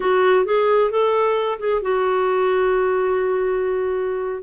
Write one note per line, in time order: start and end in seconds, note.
0.00 0.45 F#4
0.45 0.90 G#4
0.90 1.58 A4
1.59 1.82 G#4
1.82 4.43 F#4